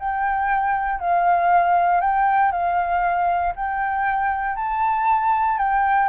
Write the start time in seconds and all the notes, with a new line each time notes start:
0.00 G5
1.00 F5
2.01 G5
2.52 F5
3.56 G5
4.56 A5
5.59 G5